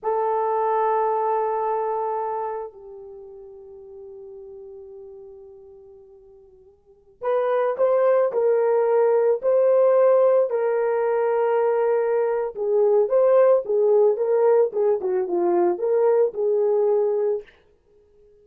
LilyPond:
\new Staff \with { instrumentName = "horn" } { \time 4/4 \tempo 4 = 110 a'1~ | a'4 g'2.~ | g'1~ | g'4~ g'16 b'4 c''4 ais'8.~ |
ais'4~ ais'16 c''2 ais'8.~ | ais'2. gis'4 | c''4 gis'4 ais'4 gis'8 fis'8 | f'4 ais'4 gis'2 | }